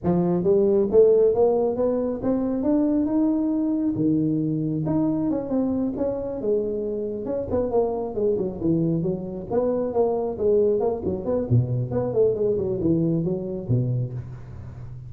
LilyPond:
\new Staff \with { instrumentName = "tuba" } { \time 4/4 \tempo 4 = 136 f4 g4 a4 ais4 | b4 c'4 d'4 dis'4~ | dis'4 dis2 dis'4 | cis'8 c'4 cis'4 gis4.~ |
gis8 cis'8 b8 ais4 gis8 fis8 e8~ | e8 fis4 b4 ais4 gis8~ | gis8 ais8 fis8 b8 b,4 b8 a8 | gis8 fis8 e4 fis4 b,4 | }